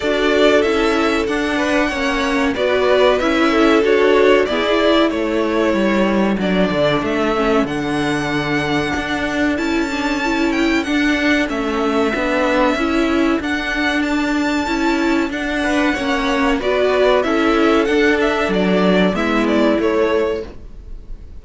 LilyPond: <<
  \new Staff \with { instrumentName = "violin" } { \time 4/4 \tempo 4 = 94 d''4 e''4 fis''2 | d''4 e''4 cis''4 d''4 | cis''2 d''4 e''4 | fis''2. a''4~ |
a''8 g''8 fis''4 e''2~ | e''4 fis''4 a''2 | fis''2 d''4 e''4 | fis''8 e''8 d''4 e''8 d''8 cis''4 | }
  \new Staff \with { instrumentName = "violin" } { \time 4/4 a'2~ a'8 b'8 cis''4 | b'4. a'4. gis'4 | a'1~ | a'1~ |
a'1~ | a'1~ | a'8 b'8 cis''4 b'4 a'4~ | a'2 e'2 | }
  \new Staff \with { instrumentName = "viola" } { \time 4/4 fis'4 e'4 d'4 cis'4 | fis'4 e'4 fis'4 b16 e'8.~ | e'2 d'4. cis'8 | d'2. e'8 d'8 |
e'4 d'4 cis'4 d'4 | e'4 d'2 e'4 | d'4 cis'4 fis'4 e'4 | d'2 b4 a4 | }
  \new Staff \with { instrumentName = "cello" } { \time 4/4 d'4 cis'4 d'4 ais4 | b4 cis'4 d'4 e'4 | a4 g4 fis8 d8 a4 | d2 d'4 cis'4~ |
cis'4 d'4 a4 b4 | cis'4 d'2 cis'4 | d'4 ais4 b4 cis'4 | d'4 fis4 gis4 a4 | }
>>